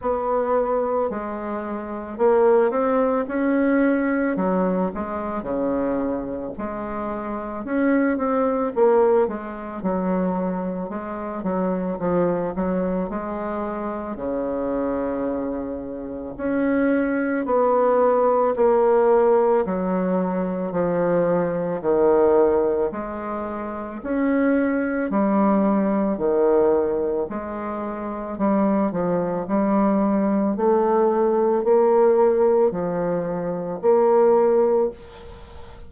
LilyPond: \new Staff \with { instrumentName = "bassoon" } { \time 4/4 \tempo 4 = 55 b4 gis4 ais8 c'8 cis'4 | fis8 gis8 cis4 gis4 cis'8 c'8 | ais8 gis8 fis4 gis8 fis8 f8 fis8 | gis4 cis2 cis'4 |
b4 ais4 fis4 f4 | dis4 gis4 cis'4 g4 | dis4 gis4 g8 f8 g4 | a4 ais4 f4 ais4 | }